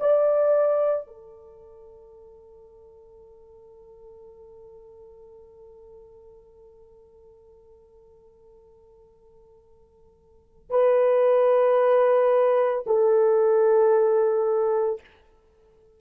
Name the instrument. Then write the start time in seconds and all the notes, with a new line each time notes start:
horn
0.00 D5
1.07 A4
10.70 B4
12.86 A4